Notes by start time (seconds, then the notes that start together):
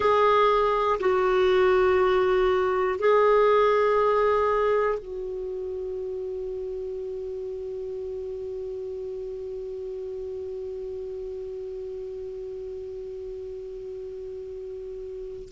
0.00 G#4
1.00 F#4
2.99 G#4
4.98 F#4